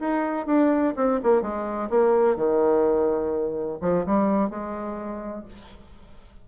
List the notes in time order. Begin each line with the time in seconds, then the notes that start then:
0.00 D#4
0.47 D4
0.97 C4
1.23 A#3
1.42 G#3
1.90 A#3
2.37 D#3
3.81 F3
4.06 G3
4.50 G#3